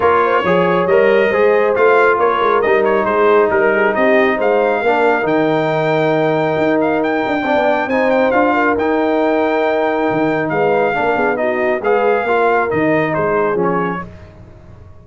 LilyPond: <<
  \new Staff \with { instrumentName = "trumpet" } { \time 4/4 \tempo 4 = 137 cis''2 dis''2 | f''4 cis''4 dis''8 cis''8 c''4 | ais'4 dis''4 f''2 | g''2.~ g''8 f''8 |
g''2 gis''8 g''8 f''4 | g''1 | f''2 dis''4 f''4~ | f''4 dis''4 c''4 cis''4 | }
  \new Staff \with { instrumentName = "horn" } { \time 4/4 ais'8 c''8 cis''2 c''4~ | c''4 ais'2 gis'4 | ais'8 gis'8 g'4 c''4 ais'4~ | ais'1~ |
ais'4 d''4 c''4. ais'8~ | ais'1 | b'4 ais'8 gis'8 fis'4 b'4 | ais'2 gis'2 | }
  \new Staff \with { instrumentName = "trombone" } { \time 4/4 f'4 gis'4 ais'4 gis'4 | f'2 dis'2~ | dis'2. d'4 | dis'1~ |
dis'4 d'4 dis'4 f'4 | dis'1~ | dis'4 d'4 dis'4 gis'4 | f'4 dis'2 cis'4 | }
  \new Staff \with { instrumentName = "tuba" } { \time 4/4 ais4 f4 g4 gis4 | a4 ais8 gis8 g4 gis4 | g4 c'4 gis4 ais4 | dis2. dis'4~ |
dis'8 d'8 c'16 b8. c'4 d'4 | dis'2. dis4 | gis4 ais8 b4. gis4 | ais4 dis4 gis4 f4 | }
>>